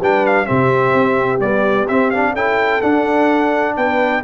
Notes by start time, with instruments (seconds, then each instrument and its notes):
0.00 tuba G3, trombone D4, horn B4, trumpet G5
0.26 trumpet F5
0.46 tuba C3, trombone C4, horn G4, trumpet E5
0.94 tuba C4
1.39 trombone G3, tuba B3, trumpet D5
1.88 trombone C4, tuba C4, trumpet E5
2.10 trombone D4, trumpet F5
2.33 tuba C#4, trombone E4, horn A4, trumpet G5
2.82 trombone D4, tuba D4, trumpet F#5
3.76 tuba B3, horn B4, trumpet G5